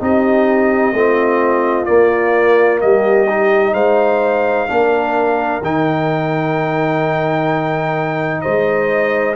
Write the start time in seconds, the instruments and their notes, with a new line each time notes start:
0.00 tuba C4, trombone D#4, horn G4, trumpet D#5
0.93 tuba A3, trombone C4, horn F4
1.86 trombone A#3, tuba A#3, trumpet D5
2.81 tuba G3, horn G4, trumpet D#5
3.29 trombone D#4
3.74 tuba G#3, horn C5, trumpet F5
4.68 tuba A#3, trombone D4, horn A#4
5.62 tuba D#3, trombone D#4, trumpet G5
8.42 tuba G#3, horn C5, trumpet D#5